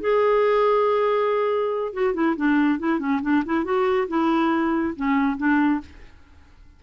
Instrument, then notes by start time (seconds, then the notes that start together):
clarinet
0.00 G#4
1.93 F#4
2.14 E4
2.36 D4
2.79 E4
2.99 C#4
3.22 D4
3.45 E4
3.64 F#4
4.08 E4
4.96 C#4
5.37 D4